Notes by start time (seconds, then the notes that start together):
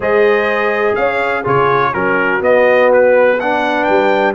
0.00 G#3 G#4 C5 D#5
0.95 C#4 C#5 F5
1.41 C#3 F4 G#4 C#5
1.93 F#3 C#4 F#4 A#4
2.40 B3 D#5
2.92 B4
3.39 D4 B4 F#5
3.84 G3 G5